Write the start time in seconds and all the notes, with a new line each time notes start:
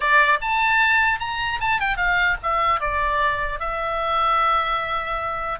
0.00 D5
0.41 A5
1.19 A#5
1.60 A5
1.80 G5
1.96 F5
2.42 E5
2.80 D5
3.59 E5